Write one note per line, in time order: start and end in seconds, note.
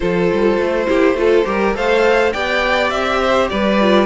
0.00 0.31 F3
0.00 0.86 F4
0.00 0.88 A4
0.00 1.74 C5
0.32 0.58 G3
0.58 0.87 A3
0.86 1.14 A#3
0.86 1.15 E4
0.86 1.17 G4
1.14 1.43 A3
1.14 1.45 F4
1.14 1.47 A4
1.45 1.75 G3
1.45 1.74 G4
1.45 1.75 A#4
1.74 2.33 A3
1.74 2.32 A4
1.74 2.33 C5
1.74 2.32 F5
2.32 2.91 B3
2.32 3.79 G4
2.32 3.20 D5
2.32 2.89 G5
2.89 3.49 C4
2.89 3.48 E5
3.21 3.50 C5
3.49 4.06 G3
3.49 4.06 B4
3.49 4.06 D5
3.81 4.06 F4